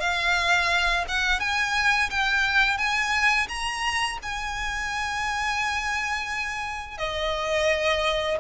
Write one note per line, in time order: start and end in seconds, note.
0.00 1.05 F5
1.08 1.40 F#5
1.40 2.10 G#5
2.10 2.77 G5
2.77 3.47 G#5
3.48 4.18 A#5
4.22 6.98 G#5
6.98 8.37 D#5